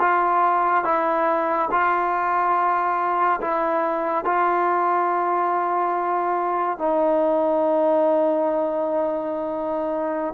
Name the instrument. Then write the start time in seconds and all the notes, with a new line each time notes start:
trombone
0.00 F4
0.85 E4
1.71 F4
3.41 E4
4.25 F4
6.78 D#4